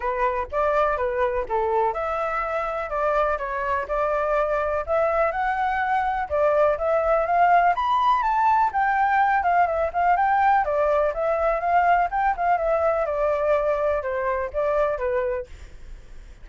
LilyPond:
\new Staff \with { instrumentName = "flute" } { \time 4/4 \tempo 4 = 124 b'4 d''4 b'4 a'4 | e''2 d''4 cis''4 | d''2 e''4 fis''4~ | fis''4 d''4 e''4 f''4 |
b''4 a''4 g''4. f''8 | e''8 f''8 g''4 d''4 e''4 | f''4 g''8 f''8 e''4 d''4~ | d''4 c''4 d''4 b'4 | }